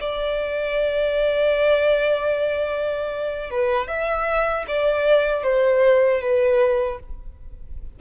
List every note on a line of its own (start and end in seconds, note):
0.00 3.51 D5
3.51 3.87 B4
3.87 4.65 E5
4.68 5.43 D5
5.43 6.21 C5
6.21 6.99 B4